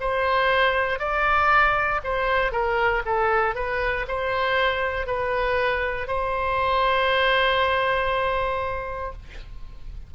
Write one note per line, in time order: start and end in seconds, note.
0.00 0.99 C5
0.99 2.01 D5
2.03 2.51 C5
2.51 3.02 A#4
3.05 3.55 A4
3.55 4.06 B4
4.08 5.06 C5
5.06 6.07 B4
6.07 9.12 C5